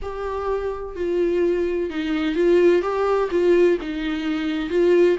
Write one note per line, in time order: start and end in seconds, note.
0.02 0.95 G4
0.95 1.90 F4
1.90 2.35 D#4
2.35 2.82 F4
2.82 3.29 G4
3.30 3.78 F4
3.81 4.69 D#4
4.69 5.16 F4